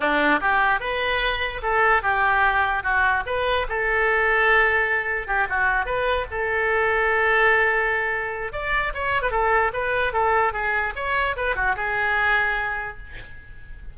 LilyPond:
\new Staff \with { instrumentName = "oboe" } { \time 4/4 \tempo 4 = 148 d'4 g'4 b'2 | a'4 g'2 fis'4 | b'4 a'2.~ | a'4 g'8 fis'4 b'4 a'8~ |
a'1~ | a'4 d''4 cis''8. b'16 a'4 | b'4 a'4 gis'4 cis''4 | b'8 fis'8 gis'2. | }